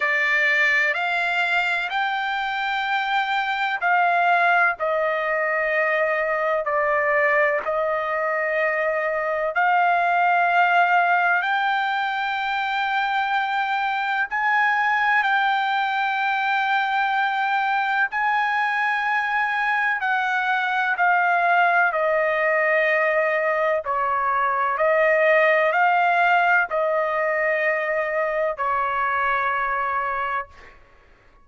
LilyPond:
\new Staff \with { instrumentName = "trumpet" } { \time 4/4 \tempo 4 = 63 d''4 f''4 g''2 | f''4 dis''2 d''4 | dis''2 f''2 | g''2. gis''4 |
g''2. gis''4~ | gis''4 fis''4 f''4 dis''4~ | dis''4 cis''4 dis''4 f''4 | dis''2 cis''2 | }